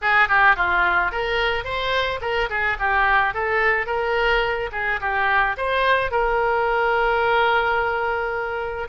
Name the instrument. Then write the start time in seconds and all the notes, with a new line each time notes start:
oboe
0.02 G#4
0.28 G4
0.56 F4
1.11 A#4
1.64 C5
2.21 A#4
2.49 G#4
2.79 G4
3.34 A4
3.86 A#4
4.72 G#4
5.00 G4
5.57 C5
6.11 A#4